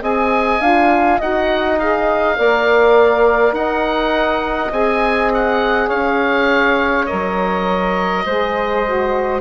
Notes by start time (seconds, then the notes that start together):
0.00 C4 G#4 D#5 G#5
0.60 D4 F4 F5
1.18 D#4 F#4 D#5 F#5
1.79 G#4 F5
2.37 A#3 A#4 D5
3.52 D#4 D#5 F#5
4.71 C4 G#4 G#5
5.34 F#5
5.88 C#4 C#5 F5
7.06 F#3 A#4 D#5
8.25 G#3 G#4 C5
8.86 F#4